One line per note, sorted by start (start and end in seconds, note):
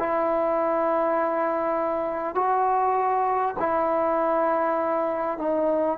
0.00 2.35 E4
2.35 3.55 F#4
3.60 5.38 E4
5.38 5.98 D#4